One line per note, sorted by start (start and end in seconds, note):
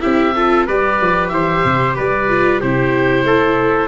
0.00 0.67 C4
0.00 0.32 E4
0.00 0.35 G4
0.00 0.66 E5
0.35 0.68 F4
0.35 0.66 A4
0.66 1.00 G3
0.66 2.28 G4
0.66 1.31 B4
0.66 1.28 D5
1.01 1.31 F3
1.28 1.63 E3
1.28 1.96 C5
1.28 1.93 E5
1.64 1.96 C3
1.96 2.62 G3
1.96 2.60 B4
1.96 2.61 D5
2.28 2.61 F4
2.60 3.24 C3
2.60 3.88 E4
2.60 3.24 G4
2.60 3.88 C5
3.24 3.88 A3
3.24 3.88 A4